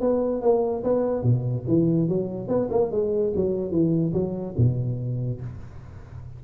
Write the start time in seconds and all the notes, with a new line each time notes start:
0.00 B3
0.41 A#3
0.83 B3
1.22 B2
1.67 E3
2.08 F#3
2.48 B3
2.70 A#3
2.91 G#3
3.35 F#3
3.71 E3
4.13 F#3
4.57 B2